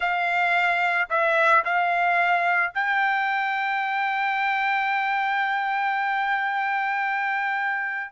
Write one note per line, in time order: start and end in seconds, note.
0.00 1.08 F5
1.09 1.63 E5
1.64 2.72 F5
2.74 8.11 G5